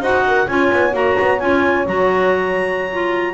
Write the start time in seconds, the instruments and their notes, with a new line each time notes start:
0.00 double bass D#4, clarinet F#4 F#5, horn C5
0.27 horn A#4
0.47 double bass C#4, clarinet F4 G#5, horn C#5
0.72 double bass B3
0.91 double bass A#3, clarinet F#4 A#5
1.19 double bass B3
1.39 double bass C#4, clarinet F4 G#5
1.86 double bass F#3, clarinet F#4 A#5
2.92 clarinet F4